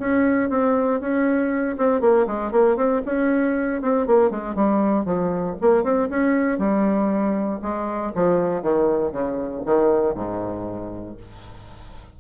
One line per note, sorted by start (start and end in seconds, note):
0.00 0.50 C#4
0.50 1.01 C4
1.01 1.77 C#4
1.78 2.01 C4
2.01 2.27 A#3
2.27 2.52 G#3
2.52 2.77 A#3
2.77 3.02 C4
3.06 3.82 C#4
3.82 4.07 C4
4.07 4.31 A#3
4.31 4.56 G#3
4.56 5.05 G3
5.05 5.56 F3
5.62 5.84 A#3
5.84 6.09 C4
6.10 6.59 C#4
6.59 7.61 G3
7.62 8.13 G#3
8.15 8.63 F3
8.63 9.12 D#3
9.12 9.63 C#3
9.66 10.15 D#3
10.15 11.17 G#2